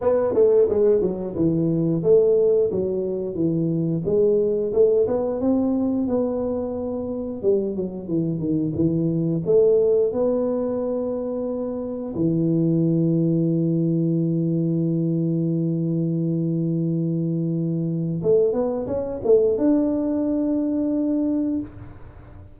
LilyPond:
\new Staff \with { instrumentName = "tuba" } { \time 4/4 \tempo 4 = 89 b8 a8 gis8 fis8 e4 a4 | fis4 e4 gis4 a8 b8 | c'4 b2 g8 fis8 | e8 dis8 e4 a4 b4~ |
b2 e2~ | e1~ | e2. a8 b8 | cis'8 a8 d'2. | }